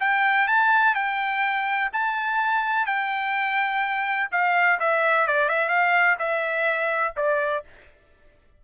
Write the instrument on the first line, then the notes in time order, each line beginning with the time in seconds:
trumpet
0.00 G5
0.48 A5
0.95 G5
1.93 A5
2.86 G5
4.32 F5
4.80 E5
5.27 D5
5.49 E5
5.69 F5
6.19 E5
7.17 D5